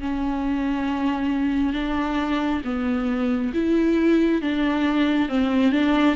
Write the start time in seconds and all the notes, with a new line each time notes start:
0.00 C#4
1.73 D4
2.64 B3
3.53 E4
4.42 D4
5.29 C4
5.72 D4